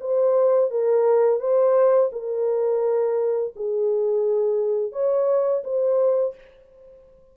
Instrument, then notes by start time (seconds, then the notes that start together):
horn
0.00 C5
0.70 A#4
1.40 C5
2.12 A#4
3.56 G#4
4.92 C#5
5.64 C5